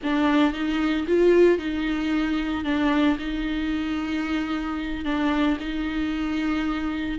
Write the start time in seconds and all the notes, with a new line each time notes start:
0.03 D4
0.53 D#4
1.07 F4
1.58 D#4
2.64 D4
3.18 D#4
5.04 D4
5.59 D#4